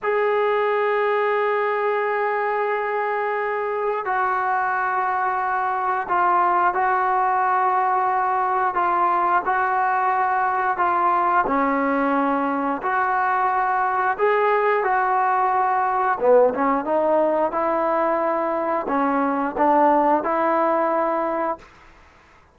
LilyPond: \new Staff \with { instrumentName = "trombone" } { \time 4/4 \tempo 4 = 89 gis'1~ | gis'2 fis'2~ | fis'4 f'4 fis'2~ | fis'4 f'4 fis'2 |
f'4 cis'2 fis'4~ | fis'4 gis'4 fis'2 | b8 cis'8 dis'4 e'2 | cis'4 d'4 e'2 | }